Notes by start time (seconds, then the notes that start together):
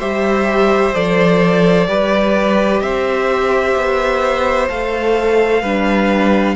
0.00 G3 G4 C5 E5
0.94 F3 A4 D5
1.88 G3 G4 B4
2.81 C4 C5 E5
3.76 B3
4.70 A3 A4 F5
5.62 G3 D4 B4